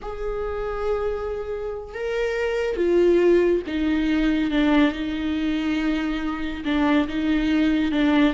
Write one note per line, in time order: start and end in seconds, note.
0.02 1.94 G#4
1.94 2.76 A#4
2.76 3.62 F4
3.66 4.50 D#4
4.50 4.92 D4
4.92 6.63 D#4
6.64 7.07 D4
7.08 7.91 D#4
7.91 8.33 D4